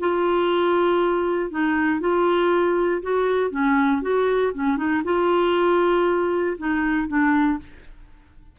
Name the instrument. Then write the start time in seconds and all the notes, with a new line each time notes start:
clarinet
0.00 F4
1.51 D#4
2.00 F4
3.02 F#4
3.51 C#4
4.02 F#4
4.54 C#4
4.77 D#4
5.04 F4
6.58 D#4
7.08 D4